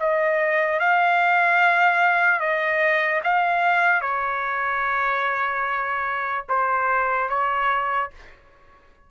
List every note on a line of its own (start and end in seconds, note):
0.00 0.80 D#5
0.80 2.40 F5
2.40 3.21 D#5
3.24 4.02 F5
4.02 6.45 C#5
6.49 7.30 C5
7.30 8.11 C#5